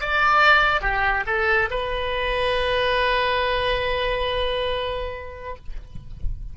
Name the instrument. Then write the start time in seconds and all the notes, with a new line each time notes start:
oboe
0.00 D5
0.81 G4
1.26 A4
1.70 B4